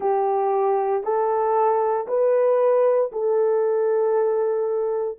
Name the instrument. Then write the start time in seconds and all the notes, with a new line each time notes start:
horn
0.00 G4
1.03 A4
2.07 B4
3.11 A4